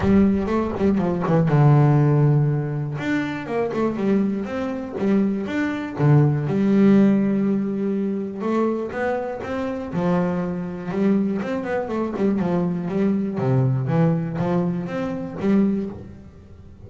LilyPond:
\new Staff \with { instrumentName = "double bass" } { \time 4/4 \tempo 4 = 121 g4 a8 g8 f8 e8 d4~ | d2 d'4 ais8 a8 | g4 c'4 g4 d'4 | d4 g2.~ |
g4 a4 b4 c'4 | f2 g4 c'8 b8 | a8 g8 f4 g4 c4 | e4 f4 c'4 g4 | }